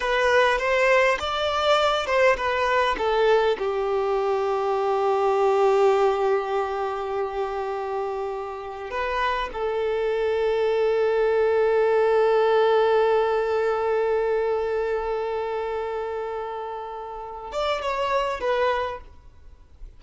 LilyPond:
\new Staff \with { instrumentName = "violin" } { \time 4/4 \tempo 4 = 101 b'4 c''4 d''4. c''8 | b'4 a'4 g'2~ | g'1~ | g'2. b'4 |
a'1~ | a'1~ | a'1~ | a'4. d''8 cis''4 b'4 | }